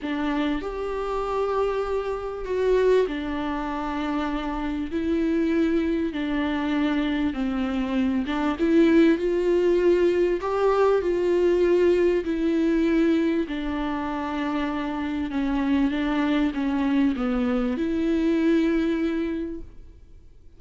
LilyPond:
\new Staff \with { instrumentName = "viola" } { \time 4/4 \tempo 4 = 98 d'4 g'2. | fis'4 d'2. | e'2 d'2 | c'4. d'8 e'4 f'4~ |
f'4 g'4 f'2 | e'2 d'2~ | d'4 cis'4 d'4 cis'4 | b4 e'2. | }